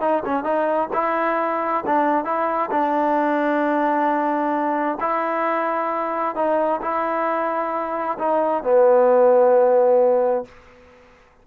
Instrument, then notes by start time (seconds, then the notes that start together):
trombone
0.00 D#4
0.25 C#4
0.43 D#4
0.93 E4
1.86 D4
2.24 E4
2.71 D4
5.00 E4
6.35 D#4
6.81 E4
8.18 D#4
8.63 B3